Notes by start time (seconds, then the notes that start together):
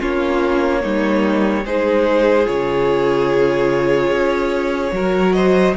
0.00 A#3 C#4 F4 C#5
0.82 G3 A#3 D#4
1.65 G#3 D#4 G#4 C5
2.45 C#3 F4 C#5
4.11 C#4
4.92 F#3 F#4 A#4
5.33 C5 D#5